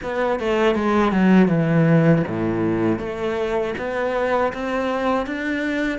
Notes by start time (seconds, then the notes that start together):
0.02 B3
0.40 A3
0.75 G#3
1.11 F#3
1.48 E3
2.27 A2
2.99 A3
3.77 B3
4.53 C4
5.26 D4